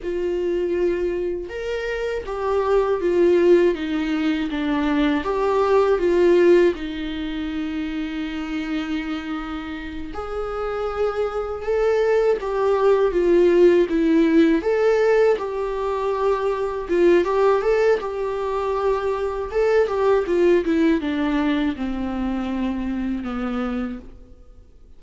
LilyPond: \new Staff \with { instrumentName = "viola" } { \time 4/4 \tempo 4 = 80 f'2 ais'4 g'4 | f'4 dis'4 d'4 g'4 | f'4 dis'2.~ | dis'4. gis'2 a'8~ |
a'8 g'4 f'4 e'4 a'8~ | a'8 g'2 f'8 g'8 a'8 | g'2 a'8 g'8 f'8 e'8 | d'4 c'2 b4 | }